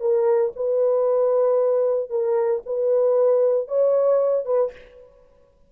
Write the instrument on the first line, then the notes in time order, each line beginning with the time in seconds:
horn
0.00 A#4
0.55 B4
2.10 A#4
2.65 B4
3.68 C#5
4.45 B4